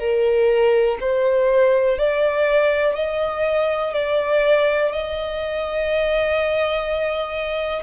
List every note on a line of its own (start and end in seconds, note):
0.00 0.98 A#4
1.01 1.99 C5
1.99 2.96 D5
2.96 3.94 D#5
3.94 4.93 D5
4.93 7.84 D#5